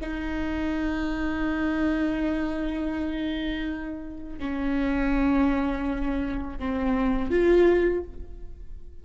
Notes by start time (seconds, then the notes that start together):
0.00 D#4
4.39 C#4
6.59 C4
7.30 F4